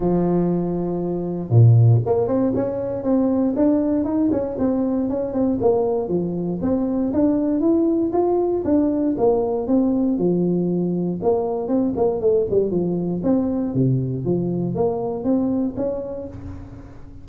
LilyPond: \new Staff \with { instrumentName = "tuba" } { \time 4/4 \tempo 4 = 118 f2. ais,4 | ais8 c'8 cis'4 c'4 d'4 | dis'8 cis'8 c'4 cis'8 c'8 ais4 | f4 c'4 d'4 e'4 |
f'4 d'4 ais4 c'4 | f2 ais4 c'8 ais8 | a8 g8 f4 c'4 c4 | f4 ais4 c'4 cis'4 | }